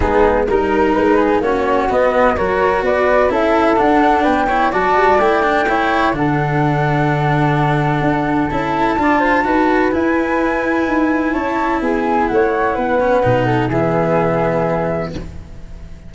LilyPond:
<<
  \new Staff \with { instrumentName = "flute" } { \time 4/4 \tempo 4 = 127 gis'4 ais'4 b'4 cis''4 | dis''4 cis''4 d''4 e''4 | fis''4 g''4 a''4 g''4~ | g''4 fis''2.~ |
fis''2 a''2~ | a''4 gis''2. | a''4 gis''4 fis''2~ | fis''4 e''2. | }
  \new Staff \with { instrumentName = "flute" } { \time 4/4 dis'4 ais'4. gis'8 fis'4~ | fis'4 ais'4 b'4 a'4~ | a'4 b'8 cis''8 d''2 | cis''4 a'2.~ |
a'2. d''8 c''8 | b'1 | cis''4 gis'4 cis''4 b'4~ | b'8 a'8 gis'2. | }
  \new Staff \with { instrumentName = "cello" } { \time 4/4 b4 dis'2 cis'4 | b4 fis'2 e'4 | d'4. e'8 fis'4 e'8 d'8 | e'4 d'2.~ |
d'2 e'4 f'4 | fis'4 e'2.~ | e'2.~ e'8 cis'8 | dis'4 b2. | }
  \new Staff \with { instrumentName = "tuba" } { \time 4/4 gis4 g4 gis4 ais4 | b4 fis4 b4 cis'4 | d'4 b4 fis8 g8 a4~ | a4 d2.~ |
d4 d'4 cis'4 d'4 | dis'4 e'2 dis'4 | cis'4 b4 a4 b4 | b,4 e2. | }
>>